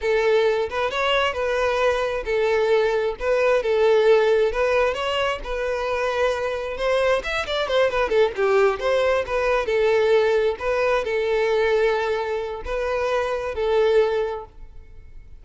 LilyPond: \new Staff \with { instrumentName = "violin" } { \time 4/4 \tempo 4 = 133 a'4. b'8 cis''4 b'4~ | b'4 a'2 b'4 | a'2 b'4 cis''4 | b'2. c''4 |
e''8 d''8 c''8 b'8 a'8 g'4 c''8~ | c''8 b'4 a'2 b'8~ | b'8 a'2.~ a'8 | b'2 a'2 | }